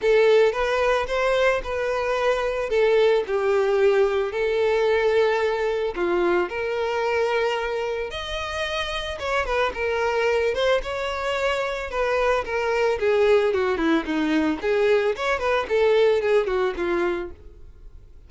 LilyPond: \new Staff \with { instrumentName = "violin" } { \time 4/4 \tempo 4 = 111 a'4 b'4 c''4 b'4~ | b'4 a'4 g'2 | a'2. f'4 | ais'2. dis''4~ |
dis''4 cis''8 b'8 ais'4. c''8 | cis''2 b'4 ais'4 | gis'4 fis'8 e'8 dis'4 gis'4 | cis''8 b'8 a'4 gis'8 fis'8 f'4 | }